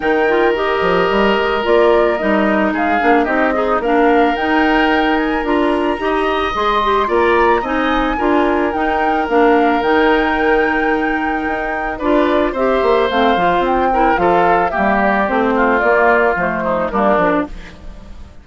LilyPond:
<<
  \new Staff \with { instrumentName = "flute" } { \time 4/4 \tempo 4 = 110 g''4 dis''2 d''4 | dis''4 f''4 dis''4 f''4 | g''4. gis''8 ais''2 | c'''4 ais''4 gis''2 |
g''4 f''4 g''2~ | g''2 d''4 e''4 | f''4 g''4 f''4 e''8 d''8 | c''4 d''4 c''4 ais'4 | }
  \new Staff \with { instrumentName = "oboe" } { \time 4/4 ais'1~ | ais'4 gis'4 g'8 dis'8 ais'4~ | ais'2. dis''4~ | dis''4 d''4 dis''4 ais'4~ |
ais'1~ | ais'2 b'4 c''4~ | c''4. ais'8 a'4 g'4~ | g'8 f'2 dis'8 d'4 | }
  \new Staff \with { instrumentName = "clarinet" } { \time 4/4 dis'8 f'8 g'2 f'4 | dis'4. d'8 dis'8 gis'8 d'4 | dis'2 f'4 g'4 | gis'8 g'8 f'4 dis'4 f'4 |
dis'4 d'4 dis'2~ | dis'2 f'4 g'4 | c'8 f'4 e'8 f'4 ais4 | c'4 ais4 a4 ais8 d'8 | }
  \new Staff \with { instrumentName = "bassoon" } { \time 4/4 dis4. f8 g8 gis8 ais4 | g4 gis8 ais8 c'4 ais4 | dis'2 d'4 dis'4 | gis4 ais4 c'4 d'4 |
dis'4 ais4 dis2~ | dis4 dis'4 d'4 c'8 ais8 | a8 f8 c'4 f4 g4 | a4 ais4 f4 g8 f8 | }
>>